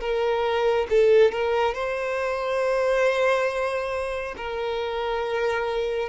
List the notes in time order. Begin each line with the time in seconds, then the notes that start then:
0.00 A#4
0.90 A4
1.32 A#4
1.74 C5
4.37 A#4